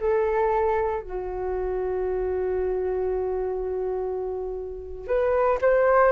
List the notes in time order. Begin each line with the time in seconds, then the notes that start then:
0.00 A4
1.02 F#4
5.07 B4
5.61 C5